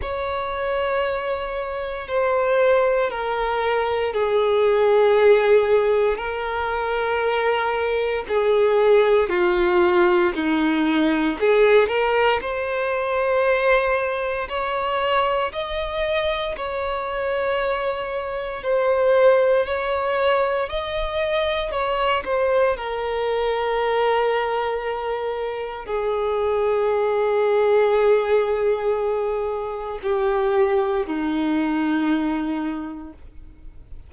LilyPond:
\new Staff \with { instrumentName = "violin" } { \time 4/4 \tempo 4 = 58 cis''2 c''4 ais'4 | gis'2 ais'2 | gis'4 f'4 dis'4 gis'8 ais'8 | c''2 cis''4 dis''4 |
cis''2 c''4 cis''4 | dis''4 cis''8 c''8 ais'2~ | ais'4 gis'2.~ | gis'4 g'4 dis'2 | }